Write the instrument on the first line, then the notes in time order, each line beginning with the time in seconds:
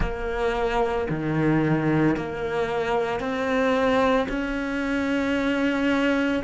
cello
0.00 A#3
1.10 D#3
2.16 A#3
3.19 C4
4.29 C#4